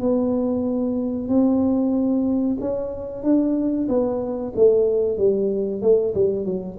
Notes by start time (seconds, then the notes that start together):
0.00 B3
1.28 C4
2.60 C#4
3.23 D4
3.89 B3
4.56 A3
5.18 G3
5.82 A3
6.14 G3
6.45 F#3